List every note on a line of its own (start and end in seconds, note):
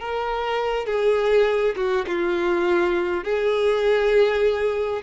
0.00 0.86 A#4
0.86 1.75 G#4
1.76 2.06 F#4
2.08 3.24 F4
3.24 5.02 G#4